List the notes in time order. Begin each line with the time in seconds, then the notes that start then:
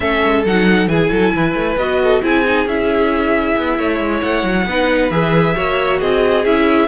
0.00 A3 C#4 A4 E5
0.24 G#3
0.45 F#3 D#4 F#5
0.87 E3 E4 G#4 G#5
1.10 F#3 A4
1.34 E3 B4
1.54 A3
1.76 B3 F#4 D#5
2.03 A4
2.22 C4 E4 G#4 G#5
2.44 D#4
2.66 C#4 E4 E5
3.57 B3
3.77 A3 C#5
3.99 G#3
4.22 A3 F#5
4.43 F#3
4.65 B3 D#4 B4
5.10 E3 G#4 E5
5.55 A#3 F#4 C#5
5.99 C4 G#4 D#5
6.45 C#4 E4 E5